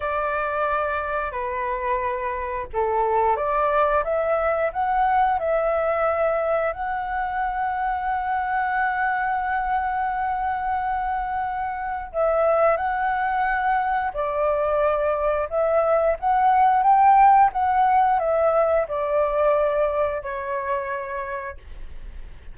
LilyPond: \new Staff \with { instrumentName = "flute" } { \time 4/4 \tempo 4 = 89 d''2 b'2 | a'4 d''4 e''4 fis''4 | e''2 fis''2~ | fis''1~ |
fis''2 e''4 fis''4~ | fis''4 d''2 e''4 | fis''4 g''4 fis''4 e''4 | d''2 cis''2 | }